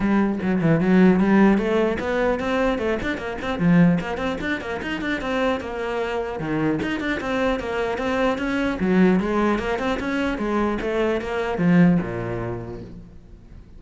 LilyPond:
\new Staff \with { instrumentName = "cello" } { \time 4/4 \tempo 4 = 150 g4 fis8 e8 fis4 g4 | a4 b4 c'4 a8 d'8 | ais8 c'8 f4 ais8 c'8 d'8 ais8 | dis'8 d'8 c'4 ais2 |
dis4 dis'8 d'8 c'4 ais4 | c'4 cis'4 fis4 gis4 | ais8 c'8 cis'4 gis4 a4 | ais4 f4 ais,2 | }